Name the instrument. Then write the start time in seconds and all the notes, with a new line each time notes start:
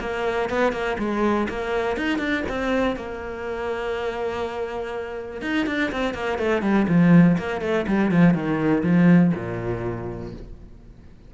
cello
0.00 A#3
0.50 B3
0.72 A#3
0.98 G#3
1.48 A#3
1.97 D#4
2.18 D4
2.49 C4
2.96 A#3
5.41 D#4
5.66 D4
5.91 C4
6.14 A#3
6.38 A3
6.62 G3
6.88 F3
7.38 A#3
7.61 A3
7.87 G3
8.11 F3
8.34 D#3
8.83 F3
9.34 A#2